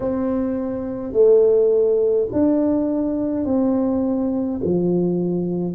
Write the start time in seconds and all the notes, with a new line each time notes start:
0.00 C4
1.12 A3
2.32 D4
3.45 C4
4.64 F3